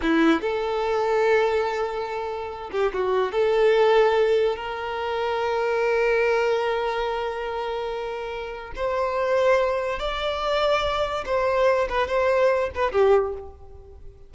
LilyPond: \new Staff \with { instrumentName = "violin" } { \time 4/4 \tempo 4 = 144 e'4 a'2.~ | a'2~ a'8 g'8 fis'4 | a'2. ais'4~ | ais'1~ |
ais'1~ | ais'4 c''2. | d''2. c''4~ | c''8 b'8 c''4. b'8 g'4 | }